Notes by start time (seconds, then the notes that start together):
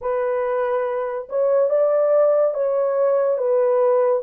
0.01 B4
1.29 C#5
1.69 D5
2.54 C#5
3.37 B4